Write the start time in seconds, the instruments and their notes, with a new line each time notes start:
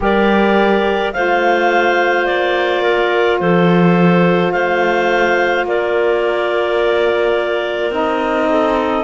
0.00 cello G3, saxophone G4, clarinet A#4 D5
1.12 cello A3, saxophone F4, clarinet C5 F5
2.25 cello A#3, clarinet D5
2.82 clarinet A#4
3.39 cello F3, clarinet A4 C5
4.51 cello A3, clarinet C5 F5
5.64 cello A#3, clarinet A#4 D5
7.90 cello C4, saxophone D#4, clarinet D#5
8.49 clarinet A4